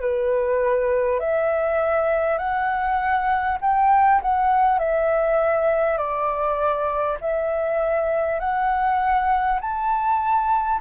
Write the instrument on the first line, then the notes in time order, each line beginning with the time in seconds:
flute
0.00 B4
1.19 E5
2.38 F#5
3.61 G5
4.22 F#5
4.78 E5
5.97 D5
7.20 E5
8.39 F#5
9.61 A5